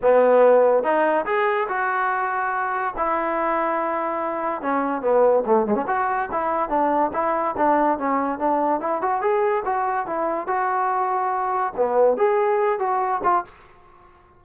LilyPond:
\new Staff \with { instrumentName = "trombone" } { \time 4/4 \tempo 4 = 143 b2 dis'4 gis'4 | fis'2. e'4~ | e'2. cis'4 | b4 a8 gis16 cis'16 fis'4 e'4 |
d'4 e'4 d'4 cis'4 | d'4 e'8 fis'8 gis'4 fis'4 | e'4 fis'2. | b4 gis'4. fis'4 f'8 | }